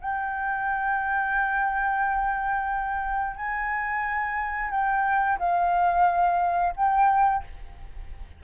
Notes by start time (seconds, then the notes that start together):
0.00 G5
3.36 G#5
4.70 G5
5.38 F5
6.76 G5